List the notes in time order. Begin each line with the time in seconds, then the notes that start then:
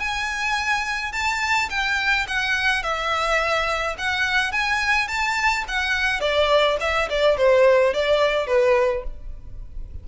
0.00 G#5
1.13 A5
1.70 G5
2.28 F#5
2.83 E5
3.99 F#5
4.53 G#5
5.08 A5
5.68 F#5
6.21 D5
6.81 E5
7.10 D5
7.38 C5
7.94 D5
8.47 B4